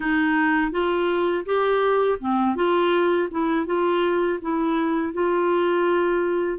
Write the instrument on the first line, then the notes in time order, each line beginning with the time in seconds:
clarinet
0.00 D#4
0.72 F4
1.45 G4
2.19 C4
2.55 F4
3.30 E4
3.66 F4
4.41 E4
5.13 F4